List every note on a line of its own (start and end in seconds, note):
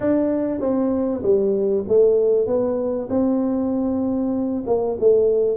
0.00 0.60 D4
0.60 1.22 C4
1.22 1.84 G3
1.88 2.46 A3
2.46 3.08 B3
3.09 4.64 C4
4.66 4.97 A#3
4.99 5.57 A3